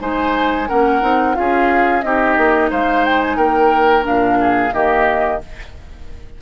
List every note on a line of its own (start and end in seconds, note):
0.00 0.69 G#3
0.00 0.67 D#4
0.00 0.69 C5
0.00 0.69 G#5
0.68 1.03 A#3
0.68 1.01 C#4
0.68 1.36 A#4
0.68 1.35 F#5
1.01 1.36 C4
1.01 1.35 D#4
1.35 2.04 C#4
1.35 2.02 F4
1.35 2.05 G#4
1.35 2.02 F5
2.02 2.37 C4
2.02 4.03 D#4
2.02 2.71 G4
2.02 2.70 D#5
2.37 2.71 A#3
2.71 3.37 G#3
2.71 3.37 C5
2.71 3.05 F5
3.05 3.21 G5
3.21 3.37 G#5
3.37 4.05 A#3
3.37 4.38 A#4
3.37 4.05 G5
4.03 4.73 A#2
4.03 4.70 D4
4.03 4.74 F5
4.41 4.74 G#4
4.73 5.41 D#3
4.73 5.41 A#3
4.73 5.42 G4
4.73 5.41 D#5